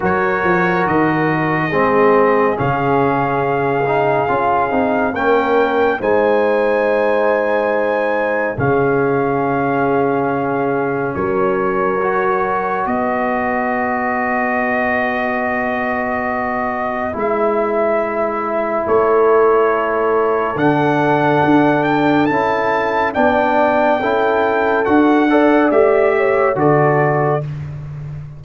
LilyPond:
<<
  \new Staff \with { instrumentName = "trumpet" } { \time 4/4 \tempo 4 = 70 cis''4 dis''2 f''4~ | f''2 g''4 gis''4~ | gis''2 f''2~ | f''4 cis''2 dis''4~ |
dis''1 | e''2 cis''2 | fis''4. g''8 a''4 g''4~ | g''4 fis''4 e''4 d''4 | }
  \new Staff \with { instrumentName = "horn" } { \time 4/4 ais'2 gis'2~ | gis'2 ais'4 c''4~ | c''2 gis'2~ | gis'4 ais'2 b'4~ |
b'1~ | b'2 a'2~ | a'2. d''4 | a'4. d''4 cis''8 a'4 | }
  \new Staff \with { instrumentName = "trombone" } { \time 4/4 fis'2 c'4 cis'4~ | cis'8 dis'8 f'8 dis'8 cis'4 dis'4~ | dis'2 cis'2~ | cis'2 fis'2~ |
fis'1 | e'1 | d'2 e'4 d'4 | e'4 fis'8 a'8 g'4 fis'4 | }
  \new Staff \with { instrumentName = "tuba" } { \time 4/4 fis8 f8 dis4 gis4 cis4~ | cis4 cis'8 c'8 ais4 gis4~ | gis2 cis2~ | cis4 fis2 b4~ |
b1 | gis2 a2 | d4 d'4 cis'4 b4 | cis'4 d'4 a4 d4 | }
>>